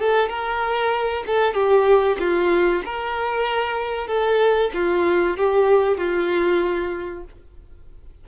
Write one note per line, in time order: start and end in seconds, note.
0.00 0.29 A4
0.29 1.24 A#4
1.27 1.54 A4
1.54 2.17 G4
2.20 2.83 F4
2.85 4.07 A#4
4.07 4.71 A4
4.74 5.37 F4
5.37 5.97 G4
5.97 7.24 F4